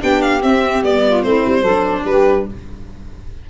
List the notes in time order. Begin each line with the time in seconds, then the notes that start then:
0.00 B3 D4 G4 G5
0.22 F5
0.43 C4 E5
0.83 G3 B3 D5
1.06 F4
1.23 A3 C4 E4 C5
1.46 G3
1.61 F#3 A4
1.68 D4
2.05 G3 G4 B4